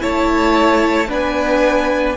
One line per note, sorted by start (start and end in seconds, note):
0.00 1.10 A3
0.00 1.07 E4
0.00 1.08 C#5
0.00 1.10 A5
1.08 2.17 B3
1.08 2.16 D4
1.08 2.16 B4
1.08 2.17 G#5